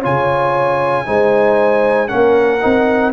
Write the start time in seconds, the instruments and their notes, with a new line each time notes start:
0.00 tuba C#3, trombone F4, horn C#5, trumpet G#5
1.06 tuba G#3, trombone D#4, horn C5
2.08 tuba A#3, trombone C#4, horn A#4, trumpet F#5
2.61 tuba C4, trombone D#4